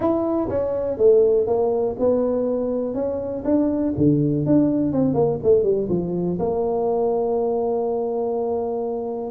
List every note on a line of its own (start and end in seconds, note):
0.00 0.48 E4
0.49 0.97 C#4
0.97 1.46 A3
1.46 1.95 A#3
1.99 2.94 B3
2.94 3.43 C#4
3.44 3.93 D4
3.97 4.46 D3
4.46 4.92 D4
4.92 5.14 C4
5.14 5.38 A#3
5.43 5.63 A3
5.63 5.87 G3
5.89 6.38 F3
6.39 9.30 A#3